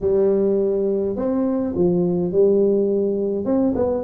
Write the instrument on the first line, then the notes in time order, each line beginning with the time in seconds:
tuba
0.01 G3
1.16 C4
1.75 F3
2.31 G3
3.45 C4
3.75 B3